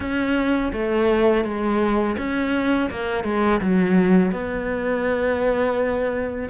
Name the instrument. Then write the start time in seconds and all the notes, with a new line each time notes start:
cello
0.00 C#4
0.73 A3
1.44 G#3
2.17 C#4
2.90 A#3
3.24 G#3
3.60 F#3
4.32 B3